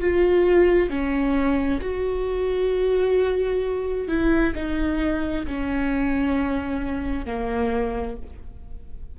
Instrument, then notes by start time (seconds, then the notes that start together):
viola
0.00 F4
0.90 C#4
1.81 F#4
4.08 E4
4.55 D#4
5.47 C#4
7.25 A#3